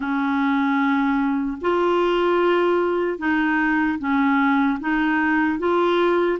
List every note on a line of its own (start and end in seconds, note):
0.00 1.57 C#4
1.61 3.18 F4
3.18 3.98 D#4
3.98 4.78 C#4
4.80 5.58 D#4
5.58 6.38 F4